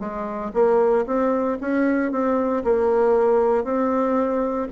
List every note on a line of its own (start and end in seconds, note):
0.00 0.52 G#3
0.54 1.05 A#3
1.07 1.58 C4
1.61 2.12 C#4
2.12 2.63 C4
2.64 3.64 A#3
3.64 4.67 C4